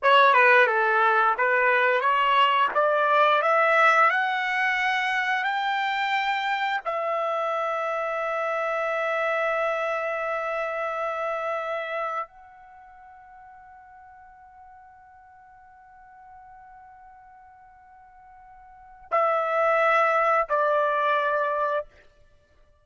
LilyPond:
\new Staff \with { instrumentName = "trumpet" } { \time 4/4 \tempo 4 = 88 cis''8 b'8 a'4 b'4 cis''4 | d''4 e''4 fis''2 | g''2 e''2~ | e''1~ |
e''2 fis''2~ | fis''1~ | fis''1 | e''2 d''2 | }